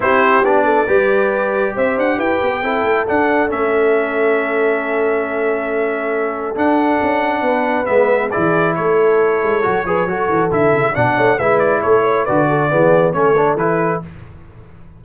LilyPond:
<<
  \new Staff \with { instrumentName = "trumpet" } { \time 4/4 \tempo 4 = 137 c''4 d''2. | e''8 fis''8 g''2 fis''4 | e''1~ | e''2. fis''4~ |
fis''2 e''4 d''4 | cis''1 | e''4 fis''4 e''8 d''8 cis''4 | d''2 cis''4 b'4 | }
  \new Staff \with { instrumentName = "horn" } { \time 4/4 g'4. a'8 b'2 | c''4 b'4 a'2~ | a'1~ | a'1~ |
a'4 b'2 gis'4 | a'2~ a'8 b'8 a'4~ | a'4 d''8 cis''8 b'4 a'8 cis''8 | b'8 a'8 gis'4 a'2 | }
  \new Staff \with { instrumentName = "trombone" } { \time 4/4 e'4 d'4 g'2~ | g'2 e'4 d'4 | cis'1~ | cis'2. d'4~ |
d'2 b4 e'4~ | e'2 fis'8 gis'8 fis'4 | e'4 d'4 e'2 | fis'4 b4 cis'8 d'8 e'4 | }
  \new Staff \with { instrumentName = "tuba" } { \time 4/4 c'4 b4 g2 | c'8 d'8 e'8 b8 c'8 a8 d'4 | a1~ | a2. d'4 |
cis'4 b4 gis4 e4 | a4. gis8 fis8 f8 fis8 e8 | d8 cis8 b,8 a8 gis4 a4 | d4 e4 a4 e4 | }
>>